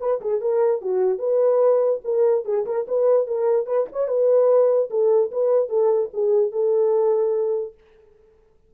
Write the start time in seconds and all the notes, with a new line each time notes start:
0.00 B4
0.21 G#4
0.41 A#4
0.81 F#4
1.18 B4
2.04 A#4
2.45 G#4
2.66 A#4
2.88 B4
3.27 A#4
3.66 B4
3.92 C#5
4.08 B4
4.90 A4
5.31 B4
5.69 A4
6.13 G#4
6.52 A4